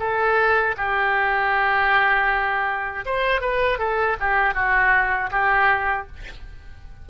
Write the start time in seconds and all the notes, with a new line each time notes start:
0.00 A4
0.78 G4
3.06 C5
3.41 B4
3.79 A4
4.20 G4
4.55 F#4
5.32 G4